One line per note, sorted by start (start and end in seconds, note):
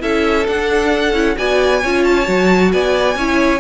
0.00 0.47 C#4
0.00 0.45 E4
0.00 1.37 A4
0.00 0.47 E5
0.47 1.14 D4
0.47 1.12 D4
0.47 1.37 F#5
1.12 1.35 C#4
1.12 1.36 E4
1.37 1.83 B3
1.37 1.82 F#4
1.37 1.81 D5
1.37 2.04 G#5
1.81 2.28 C#4
1.81 2.25 F4
1.81 2.72 C#5
2.04 2.72 A5
2.25 2.73 F#3
2.25 3.15 F#4
2.72 3.15 B3
2.72 3.17 D5
2.72 3.60 G#5
3.15 3.60 C#4
3.15 3.60 E4
3.15 3.60 C#5